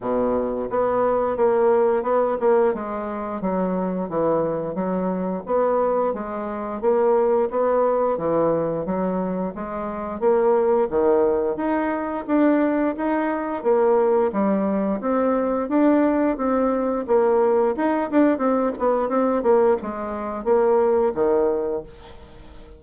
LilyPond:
\new Staff \with { instrumentName = "bassoon" } { \time 4/4 \tempo 4 = 88 b,4 b4 ais4 b8 ais8 | gis4 fis4 e4 fis4 | b4 gis4 ais4 b4 | e4 fis4 gis4 ais4 |
dis4 dis'4 d'4 dis'4 | ais4 g4 c'4 d'4 | c'4 ais4 dis'8 d'8 c'8 b8 | c'8 ais8 gis4 ais4 dis4 | }